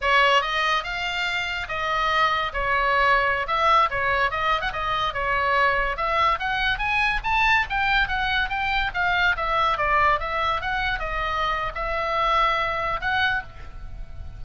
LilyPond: \new Staff \with { instrumentName = "oboe" } { \time 4/4 \tempo 4 = 143 cis''4 dis''4 f''2 | dis''2 cis''2~ | cis''16 e''4 cis''4 dis''8. fis''16 dis''8.~ | dis''16 cis''2 e''4 fis''8.~ |
fis''16 gis''4 a''4 g''4 fis''8.~ | fis''16 g''4 f''4 e''4 d''8.~ | d''16 e''4 fis''4 dis''4.~ dis''16 | e''2. fis''4 | }